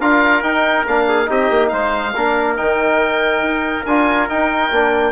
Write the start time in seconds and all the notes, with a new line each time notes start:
0.00 D4 F4 A#4 F5
0.43 D#4 G5
0.88 A#3 D4 F5
1.08 G#4
1.26 C4 D#4 G4 D#5
1.50 A#3
1.69 G#3 C5 F5
2.15 A#3 D4 A#4
2.57 D#3 D#4 G5
3.43 D#4
3.86 D4 F4 G#5
4.29 D#4 G5
4.72 A#3 D4